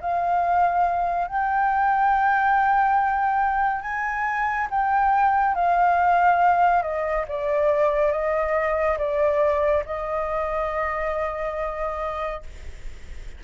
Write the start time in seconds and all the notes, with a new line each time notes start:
0.00 F5
1.27 G5
3.81 G#5
4.70 G5
5.54 F5
6.82 D#5
7.27 D5
8.12 D#5
8.98 D5
9.85 D#5